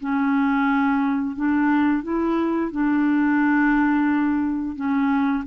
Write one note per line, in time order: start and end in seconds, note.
0.00 1.36 C#4
1.36 2.03 D4
2.03 2.71 E4
2.71 4.76 D4
4.76 5.44 C#4